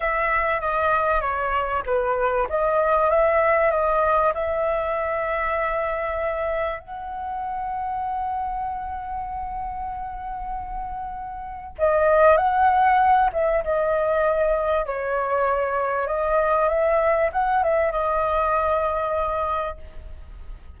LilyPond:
\new Staff \with { instrumentName = "flute" } { \time 4/4 \tempo 4 = 97 e''4 dis''4 cis''4 b'4 | dis''4 e''4 dis''4 e''4~ | e''2. fis''4~ | fis''1~ |
fis''2. dis''4 | fis''4. e''8 dis''2 | cis''2 dis''4 e''4 | fis''8 e''8 dis''2. | }